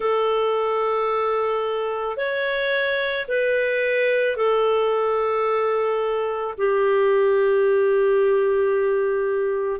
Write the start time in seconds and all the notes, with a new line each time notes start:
0.00 A4
2.17 C#5
3.27 B4
4.36 A4
6.57 G4